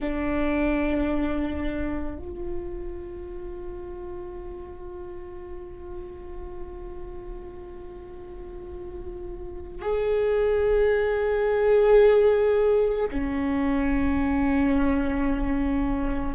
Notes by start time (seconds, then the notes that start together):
0.00 D4
2.18 F4
9.81 G#4
13.10 C#4